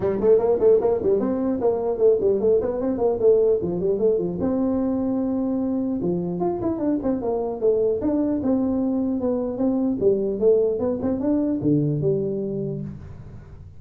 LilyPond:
\new Staff \with { instrumentName = "tuba" } { \time 4/4 \tempo 4 = 150 g8 a8 ais8 a8 ais8 g8 c'4 | ais4 a8 g8 a8 b8 c'8 ais8 | a4 f8 g8 a8 f8 c'4~ | c'2. f4 |
f'8 e'8 d'8 c'8 ais4 a4 | d'4 c'2 b4 | c'4 g4 a4 b8 c'8 | d'4 d4 g2 | }